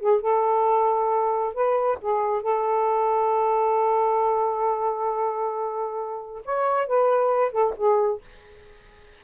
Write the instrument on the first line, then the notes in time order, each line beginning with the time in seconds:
saxophone
0.00 G#4
0.21 A4
1.54 B4
2.02 G#4
2.42 A4
6.45 C#5
6.87 B4
7.52 A4
7.77 G#4